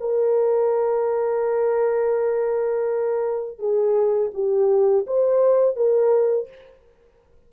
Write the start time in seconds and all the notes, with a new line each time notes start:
0.00 A#4
3.59 G#4
4.34 G4
5.07 C5
5.76 A#4